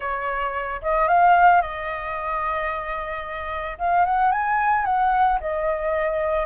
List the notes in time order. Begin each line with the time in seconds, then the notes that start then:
0.00 C#5
0.81 D#5
1.08 F5
1.61 D#5
3.78 F5
4.05 F#5
4.31 G#5
4.85 F#5
5.40 D#5